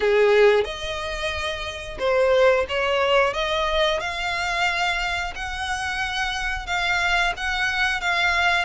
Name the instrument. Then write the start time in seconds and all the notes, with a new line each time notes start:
violin
0.00 G#4
0.64 D#5
1.98 C5
2.68 C#5
3.33 D#5
4.00 F5
5.35 F#5
6.66 F5
7.36 F#5
8.00 F5